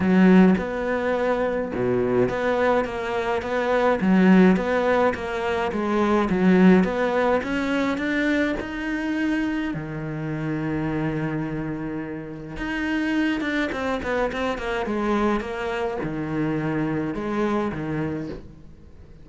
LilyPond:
\new Staff \with { instrumentName = "cello" } { \time 4/4 \tempo 4 = 105 fis4 b2 b,4 | b4 ais4 b4 fis4 | b4 ais4 gis4 fis4 | b4 cis'4 d'4 dis'4~ |
dis'4 dis2.~ | dis2 dis'4. d'8 | c'8 b8 c'8 ais8 gis4 ais4 | dis2 gis4 dis4 | }